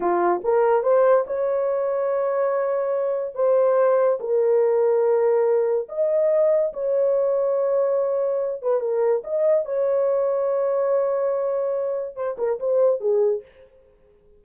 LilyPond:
\new Staff \with { instrumentName = "horn" } { \time 4/4 \tempo 4 = 143 f'4 ais'4 c''4 cis''4~ | cis''1 | c''2 ais'2~ | ais'2 dis''2 |
cis''1~ | cis''8 b'8 ais'4 dis''4 cis''4~ | cis''1~ | cis''4 c''8 ais'8 c''4 gis'4 | }